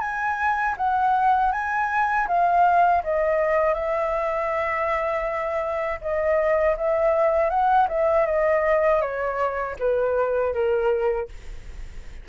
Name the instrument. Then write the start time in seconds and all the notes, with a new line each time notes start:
flute
0.00 G#5
0.77 F#5
1.52 G#5
2.28 F5
3.04 D#5
3.74 E5
6.01 D#5
6.77 E5
7.50 F#5
7.89 E5
8.26 D#5
9.01 C#5
9.79 B4
10.53 A#4